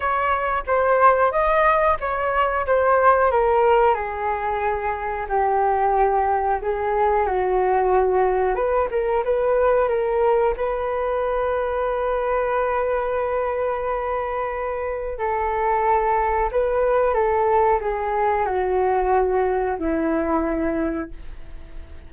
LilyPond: \new Staff \with { instrumentName = "flute" } { \time 4/4 \tempo 4 = 91 cis''4 c''4 dis''4 cis''4 | c''4 ais'4 gis'2 | g'2 gis'4 fis'4~ | fis'4 b'8 ais'8 b'4 ais'4 |
b'1~ | b'2. a'4~ | a'4 b'4 a'4 gis'4 | fis'2 e'2 | }